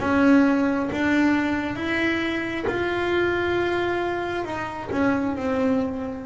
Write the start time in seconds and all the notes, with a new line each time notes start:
0.00 C#4
0.92 D4
1.75 E4
2.67 F4
4.44 D#4
4.91 C#4
5.36 C4